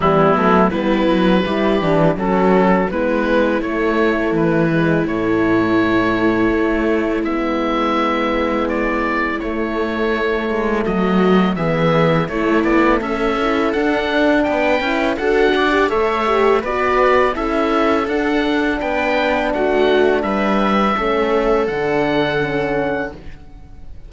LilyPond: <<
  \new Staff \with { instrumentName = "oboe" } { \time 4/4 \tempo 4 = 83 e'4 b'2 a'4 | b'4 cis''4 b'4 cis''4~ | cis''2 e''2 | d''4 cis''2 dis''4 |
e''4 cis''8 d''8 e''4 fis''4 | g''4 fis''4 e''4 d''4 | e''4 fis''4 g''4 fis''4 | e''2 fis''2 | }
  \new Staff \with { instrumentName = "viola" } { \time 4/4 b4 e'4 g'4 fis'4 | e'1~ | e'1~ | e'2. fis'4 |
gis'4 e'4 a'2 | b'4 a'8 d''8 cis''4 b'4 | a'2 b'4 fis'4 | b'4 a'2. | }
  \new Staff \with { instrumentName = "horn" } { \time 4/4 g8 a8 b4 e'8 d'8 cis'4 | b4 a4. gis8 a4~ | a2 b2~ | b4 a2. |
b4 a4. e'8 d'4~ | d'8 e'8 fis'8. g'16 a'8 g'8 fis'4 | e'4 d'2.~ | d'4 cis'4 d'4 cis'4 | }
  \new Staff \with { instrumentName = "cello" } { \time 4/4 e8 fis8 g8 fis8 g8 e8 fis4 | gis4 a4 e4 a,4~ | a,4 a4 gis2~ | gis4 a4. gis8 fis4 |
e4 a8 b8 cis'4 d'4 | b8 cis'8 d'4 a4 b4 | cis'4 d'4 b4 a4 | g4 a4 d2 | }
>>